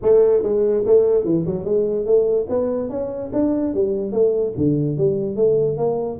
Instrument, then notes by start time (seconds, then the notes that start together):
tuba
0.02 A3
0.43 G#3
0.86 A3
1.24 E3
1.46 F#3
1.64 G#3
2.05 A3
2.49 B3
2.89 C#4
3.32 D4
3.74 G3
4.12 A3
4.57 D3
4.97 G3
5.35 A3
5.77 A#3